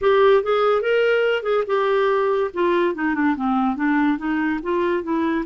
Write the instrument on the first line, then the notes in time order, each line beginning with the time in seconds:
clarinet
0.01 G4
0.43 G#4
0.81 A#4
1.42 G#4
1.66 G4
2.53 F4
2.94 D#4
3.14 D4
3.35 C4
3.76 D4
4.18 D#4
4.63 F4
5.03 E4